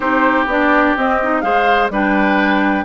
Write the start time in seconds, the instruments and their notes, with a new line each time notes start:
0.00 bassoon C4, clarinet D#4, oboe G4, flute C5
0.46 bassoon B3, clarinet D4, flute D5
0.97 bassoon C4, clarinet C4, flute D#5
1.22 clarinet D#4
1.41 bassoon G#3, clarinet G#4, oboe C5, flute F5
1.90 bassoon G3, clarinet D4, oboe B4, flute G5